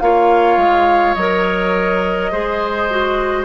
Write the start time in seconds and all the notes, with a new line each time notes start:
0.00 A#3 F4 C#5 F5
0.57 G#3
1.14 F#3 A#4 D#5
2.31 G#3 G#4 C5
2.90 F#4